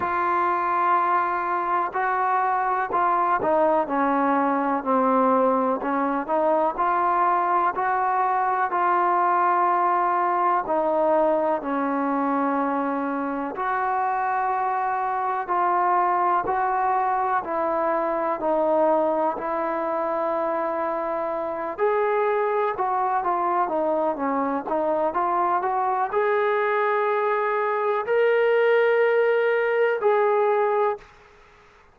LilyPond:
\new Staff \with { instrumentName = "trombone" } { \time 4/4 \tempo 4 = 62 f'2 fis'4 f'8 dis'8 | cis'4 c'4 cis'8 dis'8 f'4 | fis'4 f'2 dis'4 | cis'2 fis'2 |
f'4 fis'4 e'4 dis'4 | e'2~ e'8 gis'4 fis'8 | f'8 dis'8 cis'8 dis'8 f'8 fis'8 gis'4~ | gis'4 ais'2 gis'4 | }